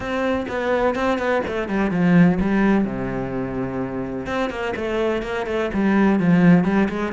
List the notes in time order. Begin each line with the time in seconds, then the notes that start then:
0.00 C4
0.48 B3
0.95 C4
1.18 B3
1.47 A3
1.68 G3
1.90 F3
2.40 G3
2.84 C3
4.26 C4
4.49 A#3
4.76 A3
5.22 A#3
5.46 A3
5.73 G3
6.19 F3
6.64 G3
6.89 G#3